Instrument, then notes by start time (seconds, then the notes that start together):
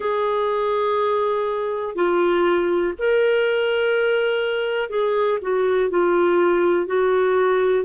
clarinet
0.00 G#4
1.95 F4
2.98 A#4
4.89 G#4
5.41 F#4
5.90 F4
6.86 F#4